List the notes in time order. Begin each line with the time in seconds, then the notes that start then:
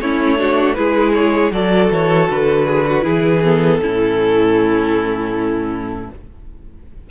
0.00 A3 C#4 E4 C#5
0.36 D4 F#4
0.74 G#3 E4 G#4 B4
1.14 C#5
1.51 F#3 F#4 A4 D5
1.90 E3 C#5
2.29 D3 B4
2.65 G#4
2.86 F#4
3.01 E3 E4 G#4
3.43 B3 A4
3.81 A2 C#4 E4